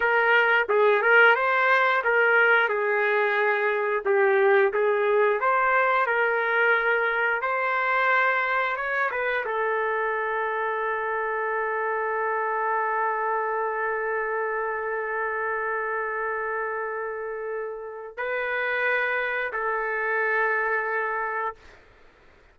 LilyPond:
\new Staff \with { instrumentName = "trumpet" } { \time 4/4 \tempo 4 = 89 ais'4 gis'8 ais'8 c''4 ais'4 | gis'2 g'4 gis'4 | c''4 ais'2 c''4~ | c''4 cis''8 b'8 a'2~ |
a'1~ | a'1~ | a'2. b'4~ | b'4 a'2. | }